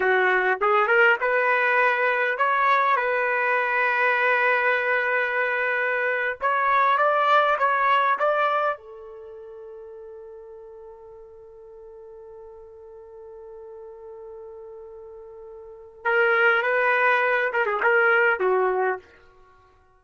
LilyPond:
\new Staff \with { instrumentName = "trumpet" } { \time 4/4 \tempo 4 = 101 fis'4 gis'8 ais'8 b'2 | cis''4 b'2.~ | b'2~ b'8. cis''4 d''16~ | d''8. cis''4 d''4 a'4~ a'16~ |
a'1~ | a'1~ | a'2. ais'4 | b'4. ais'16 gis'16 ais'4 fis'4 | }